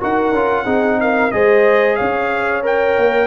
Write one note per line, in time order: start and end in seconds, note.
0.00 0.31 D#4
0.00 0.33 F#4
0.00 0.65 A#4
0.00 1.00 F#5
0.31 0.64 C#4
0.31 0.65 F4
0.65 1.31 C4
0.65 1.31 D#4
0.65 0.98 G#4
1.00 1.34 A#4
1.00 1.31 F5
1.31 1.99 G#3
1.31 2.63 G#4
1.31 1.97 C5
1.31 1.96 D#5
1.96 2.98 C#4
1.96 3.27 C#5
1.96 2.62 F5
2.63 3.27 A#4
2.63 3.27 G5
2.98 3.27 A#3